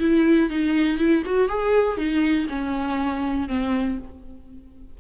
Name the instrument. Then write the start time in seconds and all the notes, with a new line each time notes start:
viola
0.00 E4
0.50 D#4
0.98 E4
1.26 F#4
1.49 G#4
1.97 D#4
2.49 C#4
3.48 C4